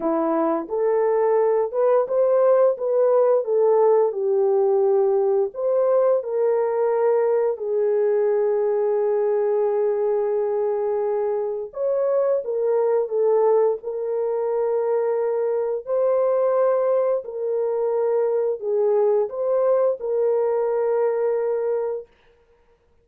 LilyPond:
\new Staff \with { instrumentName = "horn" } { \time 4/4 \tempo 4 = 87 e'4 a'4. b'8 c''4 | b'4 a'4 g'2 | c''4 ais'2 gis'4~ | gis'1~ |
gis'4 cis''4 ais'4 a'4 | ais'2. c''4~ | c''4 ais'2 gis'4 | c''4 ais'2. | }